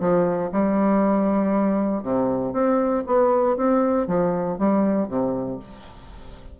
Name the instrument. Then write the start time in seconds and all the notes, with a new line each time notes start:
bassoon
0.00 F3
0.52 G3
2.03 C3
2.53 C4
3.06 B3
3.57 C4
4.07 F3
4.59 G3
5.08 C3